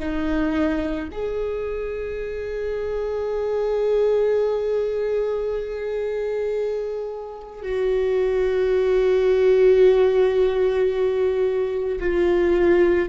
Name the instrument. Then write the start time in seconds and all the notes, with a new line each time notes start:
viola
0.00 D#4
1.13 G#4
7.63 F#4
12.00 F4